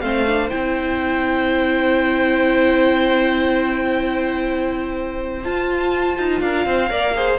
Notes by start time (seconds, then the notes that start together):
0.00 A3 C4 C5 F5
0.26 D4
0.49 C4 E4 G5
5.43 F4 A5
6.18 D#4
6.41 D4 A#4 F5
6.65 C4 C5
6.89 A#3 A#4 D5
7.14 G#4 C5